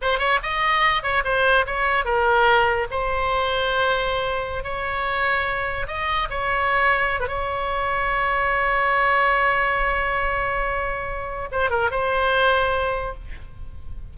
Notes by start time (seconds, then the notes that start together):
0.01 C5
0.18 C#5
0.42 D#5
1.02 C#5
1.24 C5
1.66 C#5
2.05 A#4
2.90 C5
4.63 C#5
5.87 D#5
6.30 C#5
7.20 B4
7.27 C#5
11.51 C5
11.69 A#4
11.90 C5